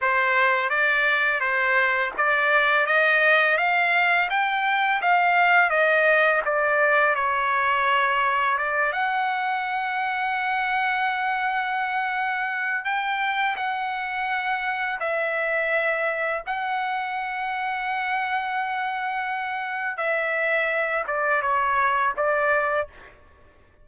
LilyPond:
\new Staff \with { instrumentName = "trumpet" } { \time 4/4 \tempo 4 = 84 c''4 d''4 c''4 d''4 | dis''4 f''4 g''4 f''4 | dis''4 d''4 cis''2 | d''8 fis''2.~ fis''8~ |
fis''2 g''4 fis''4~ | fis''4 e''2 fis''4~ | fis''1 | e''4. d''8 cis''4 d''4 | }